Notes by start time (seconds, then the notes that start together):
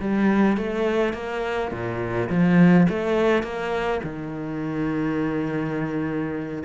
0.00 G3
0.57 A3
1.14 A#3
1.72 A#2
2.30 F3
2.89 A3
3.43 A#3
4.04 D#3